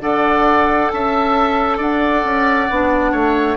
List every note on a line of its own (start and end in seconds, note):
0.00 0.90 D4
0.00 2.69 A4
0.00 0.91 D5
0.00 0.89 F#5
0.89 1.78 C#4
0.89 1.77 E5
0.89 1.79 A5
1.77 2.23 D4
1.77 3.11 D5
1.77 3.56 F#5
2.24 2.68 C#4
2.70 3.12 B3
2.70 3.56 D4
3.11 3.56 A3
3.11 3.56 C#5